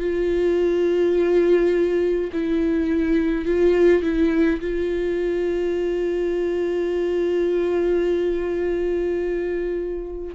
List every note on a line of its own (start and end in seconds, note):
0.00 2.31 F4
2.33 3.46 E4
3.46 4.03 F4
4.03 4.60 E4
4.60 10.35 F4